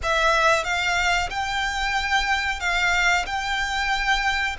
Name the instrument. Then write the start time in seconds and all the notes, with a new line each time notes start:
violin
0.02 E5
0.64 F5
1.30 G5
2.59 F5
3.26 G5